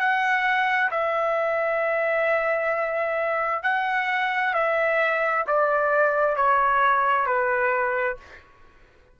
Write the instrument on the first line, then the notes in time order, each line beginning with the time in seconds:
trumpet
0.00 F#5
0.92 E5
3.64 F#5
4.55 E5
5.48 D5
6.37 C#5
7.26 B4